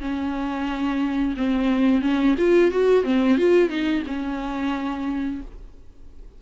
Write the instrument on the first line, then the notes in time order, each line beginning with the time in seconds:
viola
0.00 C#4
1.37 C4
2.02 C#4
2.38 F4
2.71 F#4
3.04 C4
3.38 F4
3.70 D#4
4.07 C#4